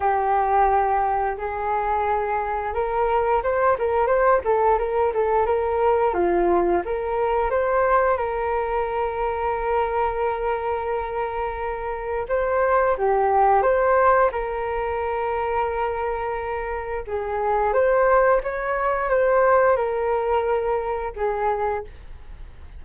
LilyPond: \new Staff \with { instrumentName = "flute" } { \time 4/4 \tempo 4 = 88 g'2 gis'2 | ais'4 c''8 ais'8 c''8 a'8 ais'8 a'8 | ais'4 f'4 ais'4 c''4 | ais'1~ |
ais'2 c''4 g'4 | c''4 ais'2.~ | ais'4 gis'4 c''4 cis''4 | c''4 ais'2 gis'4 | }